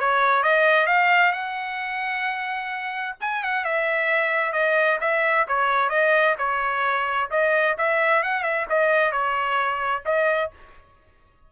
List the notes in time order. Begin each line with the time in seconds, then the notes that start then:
0.00 C#5
0.43 D#5
0.87 F5
1.32 F#5
3.21 G#5
3.43 F#5
3.65 E5
4.53 D#5
5.01 E5
5.48 C#5
5.90 D#5
6.38 C#5
7.31 D#5
7.78 E5
8.23 F#5
8.43 E5
8.70 D#5
9.12 C#5
10.05 D#5